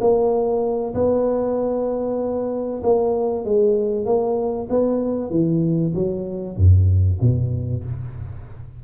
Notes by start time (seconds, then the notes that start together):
0.00 A#3
0.94 B3
2.83 A#3
3.44 G#3
4.05 A#3
4.70 B3
5.30 E3
5.94 F#3
6.57 F#2
7.21 B2